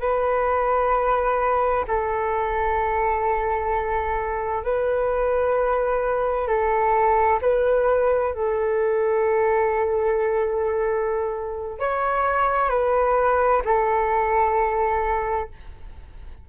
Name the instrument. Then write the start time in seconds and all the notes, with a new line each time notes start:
flute
0.00 B4
1.88 A4
4.64 B4
6.47 A4
7.42 B4
8.34 A4
11.79 C#5
12.70 B4
13.65 A4